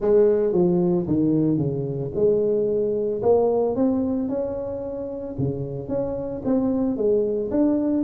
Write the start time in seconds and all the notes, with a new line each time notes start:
0.00 G#3
0.52 F3
1.07 D#3
1.57 C#3
2.15 G#3
3.22 A#3
3.75 C4
4.28 C#4
5.38 C#3
5.88 C#4
6.45 C4
6.96 G#3
7.50 D4